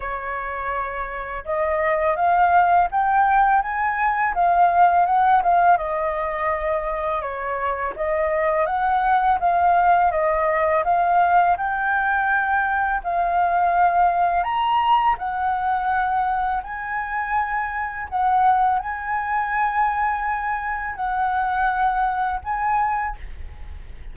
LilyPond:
\new Staff \with { instrumentName = "flute" } { \time 4/4 \tempo 4 = 83 cis''2 dis''4 f''4 | g''4 gis''4 f''4 fis''8 f''8 | dis''2 cis''4 dis''4 | fis''4 f''4 dis''4 f''4 |
g''2 f''2 | ais''4 fis''2 gis''4~ | gis''4 fis''4 gis''2~ | gis''4 fis''2 gis''4 | }